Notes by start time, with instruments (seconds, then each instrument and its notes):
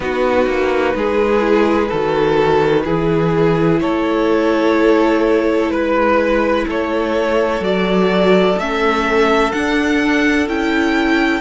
0.00 cello B3, viola D#4, violin F#4 B4
0.46 cello A#3
0.94 cello G#3, violin G#4
1.39 viola E4
1.87 cello D#3, viola F#4, violin A4
2.85 cello E3, viola E4, violin G#4
3.80 cello A3, violin A4 C#5
5.69 cello G#3, violin B4
6.67 cello A3, violin A4 C#5
7.60 cello F#3, viola F#4, violin D5
8.57 cello A3, viola C#4, violin E5
9.52 viola D4, cello D4, violin F#5
10.47 cello C#4, viola E4, violin G5